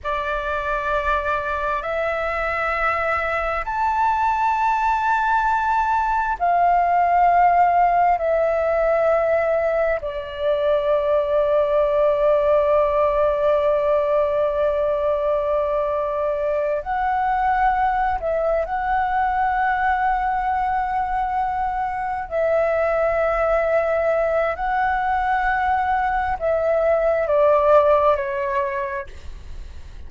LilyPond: \new Staff \with { instrumentName = "flute" } { \time 4/4 \tempo 4 = 66 d''2 e''2 | a''2. f''4~ | f''4 e''2 d''4~ | d''1~ |
d''2~ d''8 fis''4. | e''8 fis''2.~ fis''8~ | fis''8 e''2~ e''8 fis''4~ | fis''4 e''4 d''4 cis''4 | }